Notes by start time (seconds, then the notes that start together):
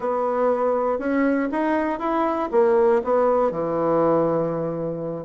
0.00 B3
0.99 C#4
1.51 D#4
1.99 E4
2.51 A#3
3.03 B3
3.51 E3